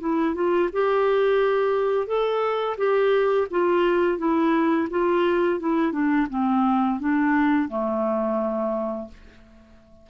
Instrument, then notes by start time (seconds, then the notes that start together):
clarinet
0.00 E4
0.34 F4
0.73 G4
2.07 A4
2.77 G4
3.51 F4
4.18 E4
4.90 F4
5.60 E4
5.92 D4
6.30 C4
7.00 D4
7.68 A3